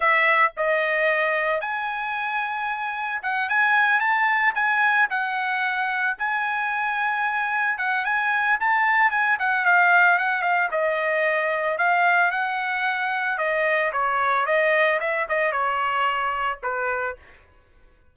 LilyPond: \new Staff \with { instrumentName = "trumpet" } { \time 4/4 \tempo 4 = 112 e''4 dis''2 gis''4~ | gis''2 fis''8 gis''4 a''8~ | a''8 gis''4 fis''2 gis''8~ | gis''2~ gis''8 fis''8 gis''4 |
a''4 gis''8 fis''8 f''4 fis''8 f''8 | dis''2 f''4 fis''4~ | fis''4 dis''4 cis''4 dis''4 | e''8 dis''8 cis''2 b'4 | }